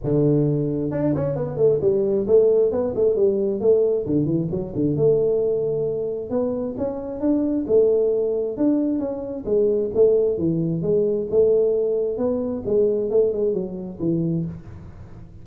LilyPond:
\new Staff \with { instrumentName = "tuba" } { \time 4/4 \tempo 4 = 133 d2 d'8 cis'8 b8 a8 | g4 a4 b8 a8 g4 | a4 d8 e8 fis8 d8 a4~ | a2 b4 cis'4 |
d'4 a2 d'4 | cis'4 gis4 a4 e4 | gis4 a2 b4 | gis4 a8 gis8 fis4 e4 | }